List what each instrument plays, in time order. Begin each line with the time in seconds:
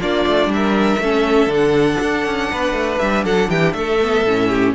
0.00 cello A#3, viola D4, violin F4 D5
0.27 cello A3
0.46 cello G3
0.53 violin A#4 E5
0.98 cello A3, viola C#4, violin A4
1.47 cello D3, viola D4
1.54 violin F#5
2.01 cello D4
2.26 cello C#4
2.52 cello B3, violin B4
2.72 cello A3
2.99 cello G3, violin E5
3.24 cello F#3, violin A4 F#5
3.49 cello E3, violin G4 G5
3.73 cello A3, violin A4 E5
4.02 viola B3
4.25 cello A2, viola C#4
4.49 violin G4